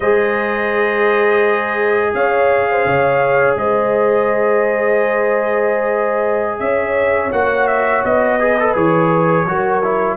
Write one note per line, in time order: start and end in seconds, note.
0.00 2.13 G#3
0.00 7.33 G#4
0.00 2.12 C5
0.00 2.13 D#5
2.13 2.85 C#4
2.13 2.69 C#5
2.13 3.57 F5
2.70 2.86 C5
2.85 3.56 C#3
2.85 3.58 C#5
3.56 6.59 G#3
3.56 6.62 C5
3.56 6.59 D#5
6.59 7.31 C#4
6.59 8.39 C#5
6.59 7.30 E5
7.32 8.03 A#3
7.32 8.39 F#4
7.32 7.67 F#5
7.67 8.03 E5
8.04 8.75 B3
8.04 8.75 D#5
8.39 8.57 G#4
8.39 9.46 B4
8.59 8.75 A4
8.75 9.45 E3
8.75 9.46 G#4
8.75 10.16 C#5
9.45 10.16 F#3
9.45 9.83 F#4
9.45 10.16 A#4
9.83 10.16 E4